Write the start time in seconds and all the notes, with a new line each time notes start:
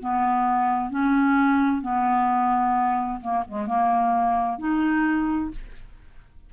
0.00 B3
0.91 C#4
1.82 B3
3.21 A#3
3.48 G#3
3.67 A#3
4.59 D#4